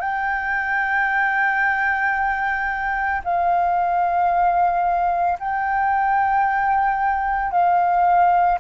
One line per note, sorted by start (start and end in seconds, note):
0.00 3.21 G5
3.24 5.38 F5
5.40 7.51 G5
7.51 8.59 F5